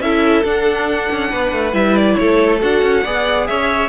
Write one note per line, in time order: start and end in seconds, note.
0.00 0.43 C#4
0.00 0.45 E4
0.00 1.30 A4
0.00 0.44 E5
0.44 1.09 D4
0.44 1.72 D4
0.44 1.74 F#5
1.11 1.33 C#4
1.30 1.53 B3
1.30 2.17 B4
1.53 1.73 A3
1.72 2.16 G3
1.72 2.59 E4
1.72 1.96 E5
1.96 2.16 D5
2.16 2.63 A3
2.16 3.04 A4
2.16 2.59 C#5
2.61 2.82 D4
2.61 3.04 F#4
2.61 3.47 F#5
2.82 3.04 C#4
3.04 3.48 B3
3.04 3.89 G#4
3.04 3.47 D5
3.47 3.89 C#4
3.47 3.89 C#5
3.47 3.89 E5